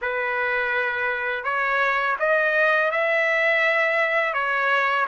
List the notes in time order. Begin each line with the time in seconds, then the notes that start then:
0.01 B4
1.44 C#5
2.19 D#5
2.91 E5
4.33 C#5